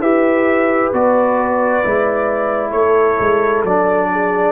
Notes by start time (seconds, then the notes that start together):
0.00 E4 G4 B4 E5
0.93 B3 F#4 D5
1.84 G#3 E4
2.71 A3 A4 C#5
3.20 G#3
3.64 F#3 D4 D5
4.12 G#4